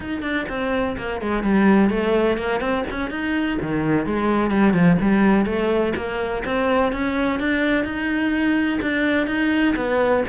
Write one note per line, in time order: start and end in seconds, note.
0.00 0.22 D#4
0.22 0.45 D4
0.48 0.96 C4
0.97 1.21 A#3
1.21 1.43 G#3
1.43 1.90 G3
1.90 2.37 A3
2.37 2.60 A#3
2.60 2.84 C4
2.90 3.10 C#4
3.10 3.58 D#4
3.61 4.05 D#3
4.05 4.50 G#3
4.50 4.73 G3
4.73 4.97 F3
5.01 5.45 G3
5.45 5.93 A3
5.96 6.43 A#3
6.44 6.92 C4
6.92 7.39 C#4
7.39 7.84 D4
7.84 8.79 D#4
8.81 9.27 D4
9.27 9.74 D#4
9.76 10.23 B3